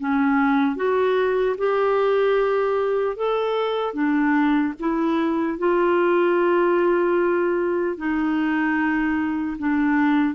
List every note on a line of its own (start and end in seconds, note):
0.00 0.76 C#4
0.76 1.56 F#4
1.58 3.17 G4
3.17 3.94 A4
3.94 4.74 D4
4.80 5.59 E4
5.59 7.97 F4
7.97 9.57 D#4
9.59 10.35 D4